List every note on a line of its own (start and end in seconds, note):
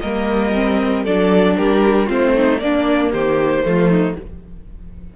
0.00 1.06 G3
0.00 0.54 A#3
0.00 1.03 A#4
0.00 1.03 D#5
0.54 1.05 C4
1.03 1.57 F#3
1.03 2.07 D4
1.03 1.55 A4
1.03 1.57 D5
1.57 2.11 G3
1.57 2.06 G4
1.57 2.09 A#4
2.06 2.61 A3
2.06 2.59 C4
2.06 2.32 F4
2.06 2.59 C5
2.36 2.61 D#4
2.59 3.64 A#3
2.59 3.13 A#3
2.59 3.12 D4
2.59 3.11 D5
3.12 3.64 D#3
3.12 3.64 G4
3.12 4.16 C5
3.64 4.16 F3
3.64 4.16 A3
3.64 3.89 F4
3.89 4.15 D#4